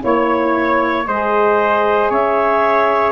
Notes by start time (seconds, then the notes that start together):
0.00 A#3 E4 C#5
1.07 G#3 G#4 C5 D#5
2.10 C#4 C#5 E5